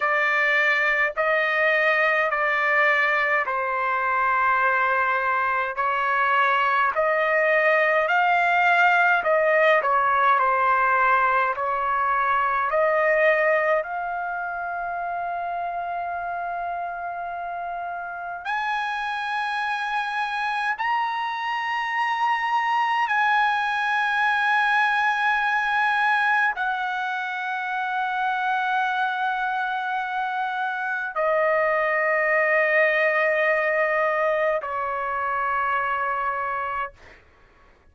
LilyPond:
\new Staff \with { instrumentName = "trumpet" } { \time 4/4 \tempo 4 = 52 d''4 dis''4 d''4 c''4~ | c''4 cis''4 dis''4 f''4 | dis''8 cis''8 c''4 cis''4 dis''4 | f''1 |
gis''2 ais''2 | gis''2. fis''4~ | fis''2. dis''4~ | dis''2 cis''2 | }